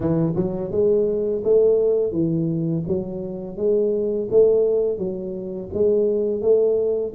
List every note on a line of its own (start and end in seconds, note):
0.00 0.33 E3
0.35 0.71 F#3
0.71 1.42 G#3
1.44 2.12 A3
2.12 2.83 E3
2.87 3.56 F#3
3.56 4.28 G#3
4.31 4.98 A3
4.98 5.69 F#3
5.73 6.41 G#3
6.41 7.13 A3